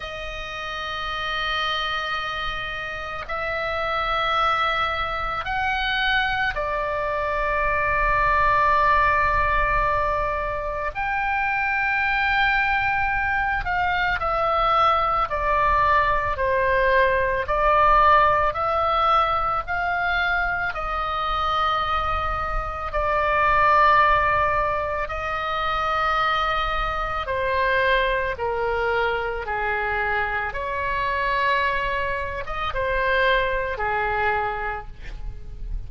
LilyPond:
\new Staff \with { instrumentName = "oboe" } { \time 4/4 \tempo 4 = 55 dis''2. e''4~ | e''4 fis''4 d''2~ | d''2 g''2~ | g''8 f''8 e''4 d''4 c''4 |
d''4 e''4 f''4 dis''4~ | dis''4 d''2 dis''4~ | dis''4 c''4 ais'4 gis'4 | cis''4.~ cis''16 dis''16 c''4 gis'4 | }